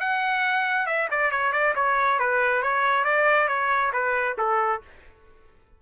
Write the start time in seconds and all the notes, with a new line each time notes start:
0.00 F#5
0.86 E5
1.11 D5
1.31 C#5
1.52 D5
1.75 C#5
2.19 B4
2.62 C#5
3.04 D5
3.48 C#5
3.93 B4
4.38 A4